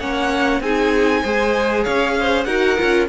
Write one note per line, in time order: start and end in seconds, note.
0.00 0.60 A#3
0.00 0.62 C#4
0.00 0.62 C#5
0.00 0.62 F#5
0.60 1.22 C4
0.60 1.24 D#4
0.60 1.22 G#4
0.60 1.84 G#5
1.22 1.86 G#3
1.22 2.46 G#4
1.22 1.84 C5
1.84 2.46 C#4
1.84 2.15 C#5
1.84 2.44 F5
2.20 2.46 C5
2.44 2.77 D#4
2.44 2.77 F#4
2.44 3.08 A#4
2.44 3.06 F#5
2.78 3.09 C#4
2.78 3.09 F4